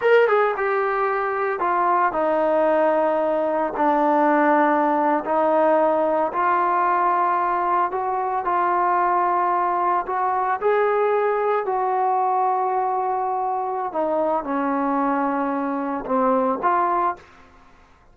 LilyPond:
\new Staff \with { instrumentName = "trombone" } { \time 4/4 \tempo 4 = 112 ais'8 gis'8 g'2 f'4 | dis'2. d'4~ | d'4.~ d'16 dis'2 f'16~ | f'2~ f'8. fis'4 f'16~ |
f'2~ f'8. fis'4 gis'16~ | gis'4.~ gis'16 fis'2~ fis'16~ | fis'2 dis'4 cis'4~ | cis'2 c'4 f'4 | }